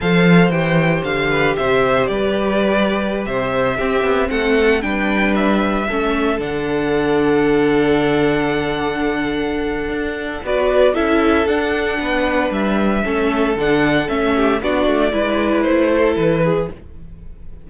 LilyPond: <<
  \new Staff \with { instrumentName = "violin" } { \time 4/4 \tempo 4 = 115 f''4 g''4 f''4 e''4 | d''2~ d''16 e''4.~ e''16~ | e''16 fis''4 g''4 e''4.~ e''16~ | e''16 fis''2.~ fis''8.~ |
fis''1 | d''4 e''4 fis''2 | e''2 fis''4 e''4 | d''2 c''4 b'4 | }
  \new Staff \with { instrumentName = "violin" } { \time 4/4 c''2~ c''8 b'8 c''4 | b'2~ b'16 c''4 g'8.~ | g'16 a'4 b'2 a'8.~ | a'1~ |
a'1 | b'4 a'2 b'4~ | b'4 a'2~ a'8 g'8 | fis'4 b'4. a'4 gis'8 | }
  \new Staff \with { instrumentName = "viola" } { \time 4/4 a'4 g'2.~ | g'2.~ g'16 c'8.~ | c'4~ c'16 d'2 cis'8.~ | cis'16 d'2.~ d'8.~ |
d'1 | fis'4 e'4 d'2~ | d'4 cis'4 d'4 cis'4 | d'4 e'2. | }
  \new Staff \with { instrumentName = "cello" } { \time 4/4 f4 e4 d4 c4 | g2~ g16 c4 c'8 b16~ | b16 a4 g2 a8.~ | a16 d2.~ d8.~ |
d2. d'4 | b4 cis'4 d'4 b4 | g4 a4 d4 a4 | b8 a8 gis4 a4 e4 | }
>>